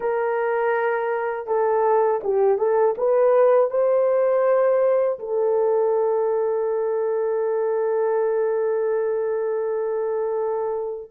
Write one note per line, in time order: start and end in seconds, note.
0.00 1.46 A#4
1.46 2.21 A4
2.23 2.58 G4
2.58 2.95 A4
2.97 3.70 B4
3.70 5.18 C5
5.19 11.11 A4